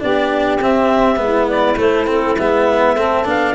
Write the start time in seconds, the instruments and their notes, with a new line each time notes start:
0.00 tuba B3, cello D4, saxophone G4, clarinet D5
0.60 tuba C4, cello C4, clarinet E5
1.16 tuba G#3, cello B3, saxophone E4
1.49 clarinet D5
1.77 cello A3, tuba A3, clarinet C5
2.06 cello C4, clarinet A4
2.38 tuba G#3, cello B3, clarinet E5
2.95 tuba A3, cello C4, saxophone A4
3.25 tuba B3, cello D4, clarinet F5